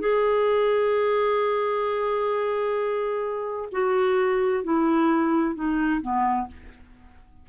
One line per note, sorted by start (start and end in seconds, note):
0.00 3.69 G#4
3.72 4.64 F#4
4.64 5.55 E4
5.55 6.01 D#4
6.01 6.48 B3